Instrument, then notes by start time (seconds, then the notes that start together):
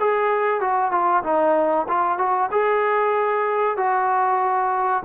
trombone
0.00 G#4
0.61 F#4
0.92 F4
1.23 D#4
1.88 F4
2.18 F#4
2.51 G#4
3.77 F#4